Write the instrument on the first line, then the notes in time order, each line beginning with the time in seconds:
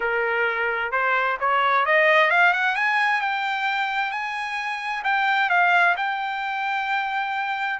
trumpet
0.00 A#4
0.91 C5
1.40 C#5
1.85 D#5
2.30 F5
2.53 F#5
2.75 G#5
3.21 G5
4.11 G#5
5.04 G5
5.49 F5
5.96 G5